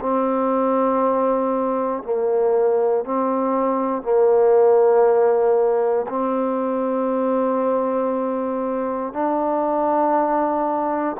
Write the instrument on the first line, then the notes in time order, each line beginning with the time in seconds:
trombone
0.00 C4
2.03 A#3
3.04 C4
4.03 A#3
6.09 C4
9.13 D4